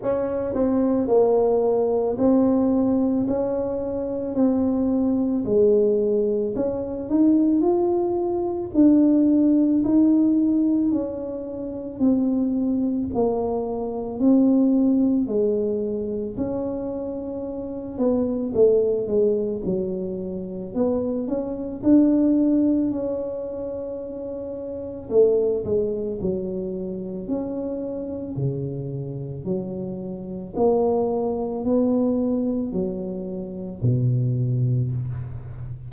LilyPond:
\new Staff \with { instrumentName = "tuba" } { \time 4/4 \tempo 4 = 55 cis'8 c'8 ais4 c'4 cis'4 | c'4 gis4 cis'8 dis'8 f'4 | d'4 dis'4 cis'4 c'4 | ais4 c'4 gis4 cis'4~ |
cis'8 b8 a8 gis8 fis4 b8 cis'8 | d'4 cis'2 a8 gis8 | fis4 cis'4 cis4 fis4 | ais4 b4 fis4 b,4 | }